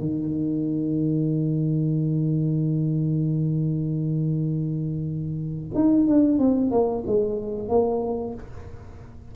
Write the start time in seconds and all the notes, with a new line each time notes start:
0.00 D#3
5.75 D#4
6.07 D4
6.39 C4
6.71 A#3
7.07 G#3
7.69 A#3